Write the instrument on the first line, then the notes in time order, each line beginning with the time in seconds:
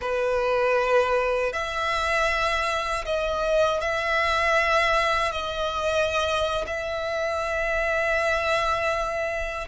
violin
0.01 B4
1.53 E5
3.05 D#5
3.80 E5
5.31 D#5
6.66 E5